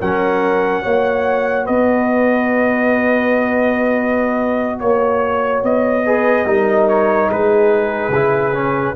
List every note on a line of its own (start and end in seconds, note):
0.00 0.85 F#3
0.00 0.83 C#4
0.00 0.82 A#4
0.00 1.66 F#5
0.82 1.68 A#3
0.82 6.04 F#4
0.82 1.64 C#5
1.64 4.81 B3
1.64 4.77 B4
1.64 4.79 D#5
4.79 5.63 A#3
4.79 5.63 C#5
4.79 6.05 C#5
5.63 6.45 B3
5.63 6.88 D#5
6.05 6.46 G#4
6.05 6.46 B4
6.45 7.28 G3
6.45 8.12 D#4
6.45 7.28 A#4
6.88 7.30 C#5
7.28 8.09 G#3
7.28 8.94 G#4
7.28 8.95 B4
8.09 8.92 C#3
8.09 8.53 E4
8.53 8.95 C#4